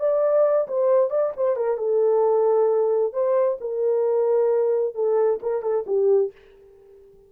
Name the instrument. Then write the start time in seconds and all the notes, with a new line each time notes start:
horn
0.00 D5
0.68 C5
1.10 D5
1.37 C5
1.56 A#4
1.78 A4
3.13 C5
3.61 A#4
4.95 A4
5.43 A#4
5.62 A4
5.87 G4